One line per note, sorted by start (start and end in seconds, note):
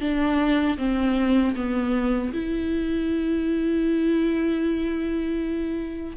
0.00 0.77 D4
0.78 1.55 C4
1.55 2.32 B3
2.33 6.17 E4